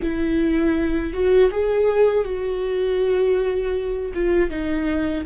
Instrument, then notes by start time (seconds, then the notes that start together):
viola
0.01 E4
1.12 F#4
1.51 G#4
2.24 F#4
4.14 F4
4.50 D#4